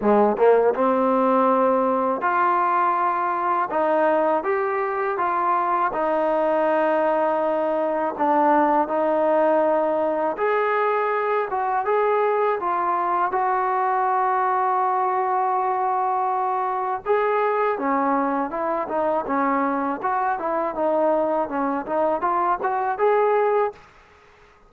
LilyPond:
\new Staff \with { instrumentName = "trombone" } { \time 4/4 \tempo 4 = 81 gis8 ais8 c'2 f'4~ | f'4 dis'4 g'4 f'4 | dis'2. d'4 | dis'2 gis'4. fis'8 |
gis'4 f'4 fis'2~ | fis'2. gis'4 | cis'4 e'8 dis'8 cis'4 fis'8 e'8 | dis'4 cis'8 dis'8 f'8 fis'8 gis'4 | }